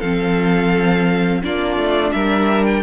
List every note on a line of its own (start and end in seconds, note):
0.00 1.43 F3
0.00 1.43 C4
0.00 1.41 A4
0.00 1.42 F5
1.43 1.77 A#3
1.43 2.83 D4
1.43 2.14 F4
1.43 2.12 D5
1.77 2.12 A3
2.12 2.83 G3
2.12 2.83 A#4
2.12 2.65 E5
2.65 2.83 G5